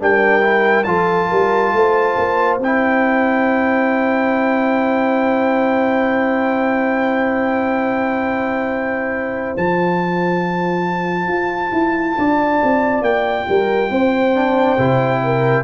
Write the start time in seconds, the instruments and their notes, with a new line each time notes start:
0.00 tuba G3, trombone D4, horn A#4, trumpet G5
0.42 trombone E4
0.84 tuba F3, trombone F4, horn A4, trumpet A5
1.30 tuba G3, horn A#4
1.73 tuba A3, horn C5
2.18 tuba A#3
2.60 tuba C4, trombone E4, trumpet G5
9.57 tuba F3, trombone F4, trumpet A5
11.28 tuba F4
11.73 tuba E4
12.18 tuba D4, horn D5
12.63 tuba C4
13.02 tuba A#3, trumpet G5
13.49 tuba G3, horn A#4
13.91 tuba C4, horn C5
14.35 trombone D4
14.79 tuba C3, trombone E4
15.24 horn A#4